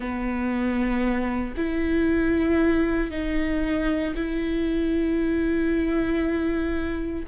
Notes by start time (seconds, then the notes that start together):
0.00 B3
1.57 E4
3.10 D#4
4.15 E4